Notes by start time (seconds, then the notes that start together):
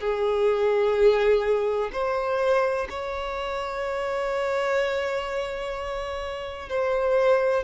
0.00 G#4
1.92 C5
2.90 C#5
6.69 C5